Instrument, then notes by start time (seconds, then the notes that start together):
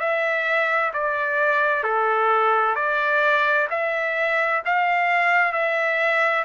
trumpet
0.00 E5
0.94 D5
1.84 A4
2.76 D5
3.70 E5
4.66 F5
5.53 E5